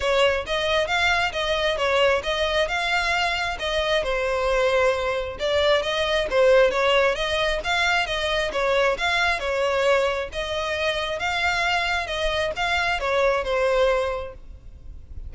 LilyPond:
\new Staff \with { instrumentName = "violin" } { \time 4/4 \tempo 4 = 134 cis''4 dis''4 f''4 dis''4 | cis''4 dis''4 f''2 | dis''4 c''2. | d''4 dis''4 c''4 cis''4 |
dis''4 f''4 dis''4 cis''4 | f''4 cis''2 dis''4~ | dis''4 f''2 dis''4 | f''4 cis''4 c''2 | }